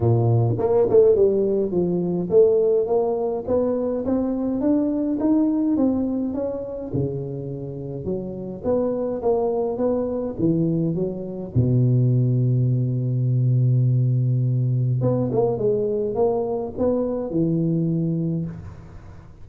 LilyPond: \new Staff \with { instrumentName = "tuba" } { \time 4/4 \tempo 4 = 104 ais,4 ais8 a8 g4 f4 | a4 ais4 b4 c'4 | d'4 dis'4 c'4 cis'4 | cis2 fis4 b4 |
ais4 b4 e4 fis4 | b,1~ | b,2 b8 ais8 gis4 | ais4 b4 e2 | }